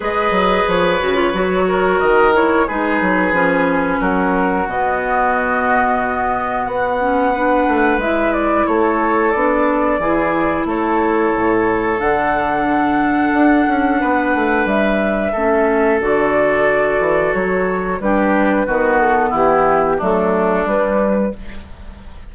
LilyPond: <<
  \new Staff \with { instrumentName = "flute" } { \time 4/4 \tempo 4 = 90 dis''4 cis''2 dis''8 cis''8 | b'2 ais'4 dis''4~ | dis''2 fis''2 | e''8 d''8 cis''4 d''2 |
cis''2 fis''2~ | fis''2 e''2 | d''2 cis''4 b'4~ | b'8 a'8 g'4 a'4 b'4 | }
  \new Staff \with { instrumentName = "oboe" } { \time 4/4 b'2~ b'8 ais'4. | gis'2 fis'2~ | fis'2. b'4~ | b'4 a'2 gis'4 |
a'1~ | a'4 b'2 a'4~ | a'2. g'4 | fis'4 e'4 d'2 | }
  \new Staff \with { instrumentName = "clarinet" } { \time 4/4 gis'4. fis'16 f'16 fis'4. e'8 | dis'4 cis'2 b4~ | b2~ b8 cis'8 d'4 | e'2 d'4 e'4~ |
e'2 d'2~ | d'2. cis'4 | fis'2. d'4 | b2 a4 g4 | }
  \new Staff \with { instrumentName = "bassoon" } { \time 4/4 gis8 fis8 f8 cis8 fis4 dis4 | gis8 fis8 f4 fis4 b,4~ | b,2 b4. a8 | gis4 a4 b4 e4 |
a4 a,4 d2 | d'8 cis'8 b8 a8 g4 a4 | d4. e8 fis4 g4 | dis4 e4 fis4 g4 | }
>>